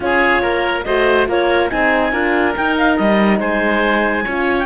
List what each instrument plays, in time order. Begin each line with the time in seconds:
0.00 cello C#4, horn F4, oboe G#4, clarinet C#5
0.41 cello A#3, oboe A#4
0.84 cello A3, horn F#4, oboe C5, clarinet D#5
1.28 cello A#3, horn F4, oboe A#4, clarinet C#5
1.69 cello C4, horn D#4, oboe G#4, clarinet G#5
2.12 cello D4, horn F4, oboe A#4
2.56 horn D#4, cello D#4, clarinet G5
2.77 clarinet F5
2.95 cello G3, clarinet D#5
3.39 cello G#3, oboe C5, clarinet G#5
4.24 cello C#4, horn F4, oboe C#5
4.59 clarinet G5